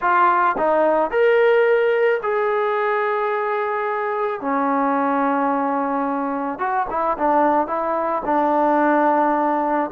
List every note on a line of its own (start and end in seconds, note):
0.01 0.56 F4
0.57 1.10 D#4
1.10 2.20 A#4
2.23 4.40 G#4
4.40 6.58 C#4
6.58 6.86 F#4
6.90 7.17 E4
7.18 7.67 D4
7.67 8.22 E4
8.25 9.90 D4